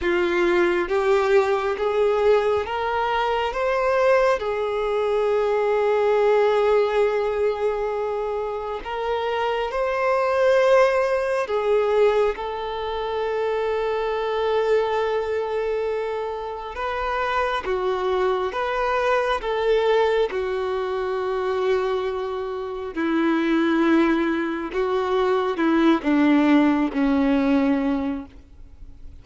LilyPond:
\new Staff \with { instrumentName = "violin" } { \time 4/4 \tempo 4 = 68 f'4 g'4 gis'4 ais'4 | c''4 gis'2.~ | gis'2 ais'4 c''4~ | c''4 gis'4 a'2~ |
a'2. b'4 | fis'4 b'4 a'4 fis'4~ | fis'2 e'2 | fis'4 e'8 d'4 cis'4. | }